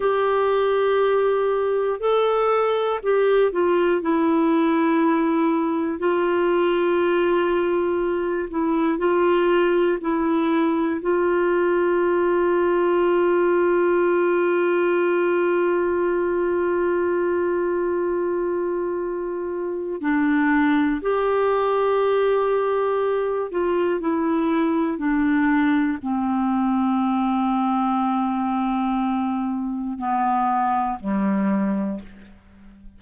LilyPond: \new Staff \with { instrumentName = "clarinet" } { \time 4/4 \tempo 4 = 60 g'2 a'4 g'8 f'8 | e'2 f'2~ | f'8 e'8 f'4 e'4 f'4~ | f'1~ |
f'1 | d'4 g'2~ g'8 f'8 | e'4 d'4 c'2~ | c'2 b4 g4 | }